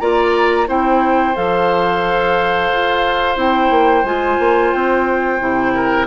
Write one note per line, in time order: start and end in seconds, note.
0.00 0.68 A#3
0.00 0.67 F4
0.00 0.68 D5
0.00 0.67 A#5
0.67 1.36 C4
0.67 1.35 E4
0.67 5.74 C5
0.67 1.36 G5
1.35 2.72 F3
1.35 3.37 A4
1.35 3.38 F5
2.72 3.37 F4
3.37 3.70 C4
3.37 4.04 E4
3.37 4.05 G5
3.70 4.04 A#3
4.04 4.38 G#3
4.04 5.40 F4
4.04 4.73 G#5
4.40 4.73 A#3
4.73 5.41 C4
4.73 6.07 G5
5.40 6.07 C3
5.40 6.07 E4
5.75 6.07 A#4